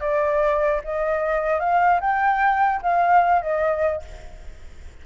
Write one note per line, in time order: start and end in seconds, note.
0.00 0.81 D5
0.84 1.59 D#5
1.59 2.00 F5
2.00 2.81 G5
2.82 3.42 F5
3.42 4.02 D#5